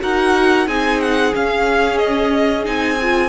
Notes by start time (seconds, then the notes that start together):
0.00 D#4 F#4 A#4 F#5
0.67 C4 D#4 G#4 G#5
1.00 F#5
1.34 C#4 F5
1.98 D#5
2.64 C4 D#4 G#5
3.02 F4